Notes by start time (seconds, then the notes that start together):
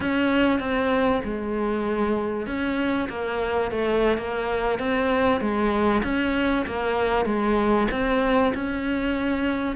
0.00 C#4
0.59 C4
1.24 G#3
2.46 C#4
3.09 A#3
3.71 A3
4.18 A#3
4.79 C4
5.40 G#3
6.03 C#4
6.66 A#3
7.25 G#3
7.91 C4
8.54 C#4